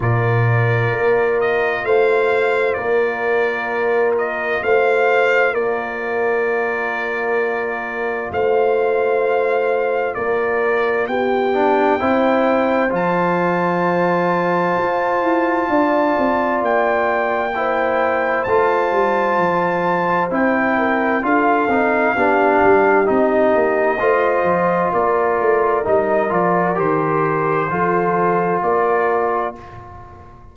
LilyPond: <<
  \new Staff \with { instrumentName = "trumpet" } { \time 4/4 \tempo 4 = 65 d''4. dis''8 f''4 d''4~ | d''8 dis''8 f''4 d''2~ | d''4 f''2 d''4 | g''2 a''2~ |
a''2 g''2 | a''2 g''4 f''4~ | f''4 dis''2 d''4 | dis''8 d''8 c''2 d''4 | }
  \new Staff \with { instrumentName = "horn" } { \time 4/4 ais'2 c''4 ais'4~ | ais'4 c''4 ais'2~ | ais'4 c''2 ais'4 | g'4 c''2.~ |
c''4 d''2 c''4~ | c''2~ c''8 ais'8 a'4 | g'2 c''4 ais'4~ | ais'2 a'4 ais'4 | }
  \new Staff \with { instrumentName = "trombone" } { \time 4/4 f'1~ | f'1~ | f'1~ | f'8 d'8 e'4 f'2~ |
f'2. e'4 | f'2 e'4 f'8 dis'8 | d'4 dis'4 f'2 | dis'8 f'8 g'4 f'2 | }
  \new Staff \with { instrumentName = "tuba" } { \time 4/4 ais,4 ais4 a4 ais4~ | ais4 a4 ais2~ | ais4 a2 ais4 | b4 c'4 f2 |
f'8 e'8 d'8 c'8 ais2 | a8 g8 f4 c'4 d'8 c'8 | b8 g8 c'8 ais8 a8 f8 ais8 a8 | g8 f8 dis4 f4 ais4 | }
>>